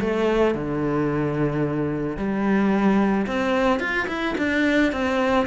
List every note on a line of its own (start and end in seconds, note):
0.00 0.54 A3
0.54 2.17 D3
2.17 3.26 G3
3.27 3.80 C4
3.80 4.07 F4
4.08 4.35 E4
4.38 4.92 D4
4.92 5.47 C4